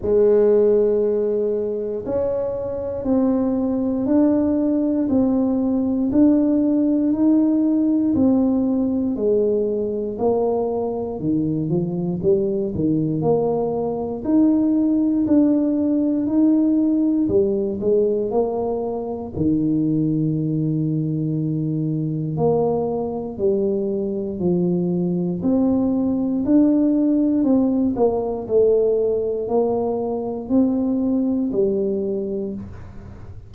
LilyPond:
\new Staff \with { instrumentName = "tuba" } { \time 4/4 \tempo 4 = 59 gis2 cis'4 c'4 | d'4 c'4 d'4 dis'4 | c'4 gis4 ais4 dis8 f8 | g8 dis8 ais4 dis'4 d'4 |
dis'4 g8 gis8 ais4 dis4~ | dis2 ais4 g4 | f4 c'4 d'4 c'8 ais8 | a4 ais4 c'4 g4 | }